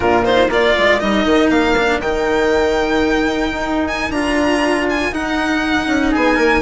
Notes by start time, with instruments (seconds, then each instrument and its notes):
0.00 bassoon A#2, cello D4, flute F4, violin A#4
0.24 cello D#4, violin C5
0.48 bassoon A#3, cello F4, flute A#4, violin D5
0.78 bassoon G#3
0.99 bassoon G3, cello D#4, violin D#5
1.25 bassoon D#3
1.49 bassoon A#3, violin F5
1.77 cello D4
2.00 bassoon D#3, cello D#4, violin G5
3.50 bassoon D#4
3.87 violin G#5
4.10 bassoon D4, cello F4, violin A#5
4.89 violin G#5
5.12 cello D#4, bassoon D#4, violin F#5
5.86 bassoon C#4
6.11 bassoon B3, flute G#4, violin G#5
6.35 bassoon A#3, flute A#4